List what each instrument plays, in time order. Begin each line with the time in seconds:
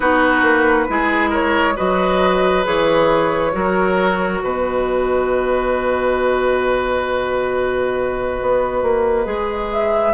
0.00 bassoon B3, clarinet D#4, oboe F#4, flute B4
0.42 bassoon A#3
0.87 bassoon G#3, clarinet E4, oboe G#4
1.29 oboe A#4, flute C#5
1.76 bassoon F#3, clarinet F#4, oboe B4, flute D#5
2.63 bassoon E3, clarinet G#4, flute C#5
3.51 bassoon F#3, clarinet F#4, oboe A#4
4.40 bassoon B2, oboe B4, flute D#5
8.41 bassoon B3
8.82 bassoon A#3
9.25 bassoon G#3, clarinet G#4
9.72 flute E5